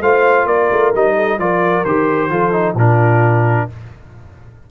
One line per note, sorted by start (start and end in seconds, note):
0.00 0.46 A3
0.00 0.94 F4
0.00 0.46 C5
0.00 0.46 F5
0.46 0.69 A#3
0.46 1.15 A#4
0.46 0.92 D5
0.71 0.94 A3
0.94 1.38 G3
0.94 1.39 D#4
0.94 1.39 D#5
1.15 1.38 A4
1.38 1.84 F3
1.38 1.85 F4
1.38 2.31 A#4
1.38 1.84 D5
1.84 2.30 D#3
1.84 2.30 G4
1.84 2.76 C5
2.30 2.74 F3
2.30 2.52 F4
2.30 2.76 A4
2.52 2.75 D#4
2.74 3.65 A#2
2.74 3.69 D4
2.74 3.67 F4
2.74 3.70 A#4